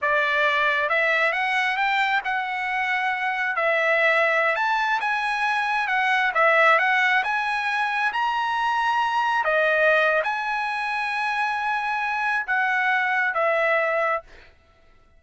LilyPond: \new Staff \with { instrumentName = "trumpet" } { \time 4/4 \tempo 4 = 135 d''2 e''4 fis''4 | g''4 fis''2. | e''2~ e''16 a''4 gis''8.~ | gis''4~ gis''16 fis''4 e''4 fis''8.~ |
fis''16 gis''2 ais''4.~ ais''16~ | ais''4~ ais''16 dis''4.~ dis''16 gis''4~ | gis''1 | fis''2 e''2 | }